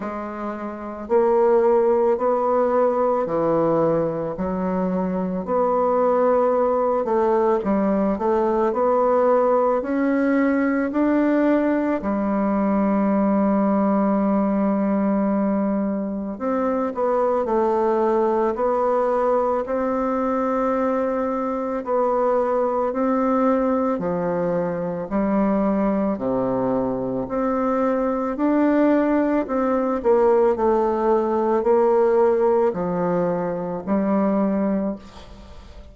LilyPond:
\new Staff \with { instrumentName = "bassoon" } { \time 4/4 \tempo 4 = 55 gis4 ais4 b4 e4 | fis4 b4. a8 g8 a8 | b4 cis'4 d'4 g4~ | g2. c'8 b8 |
a4 b4 c'2 | b4 c'4 f4 g4 | c4 c'4 d'4 c'8 ais8 | a4 ais4 f4 g4 | }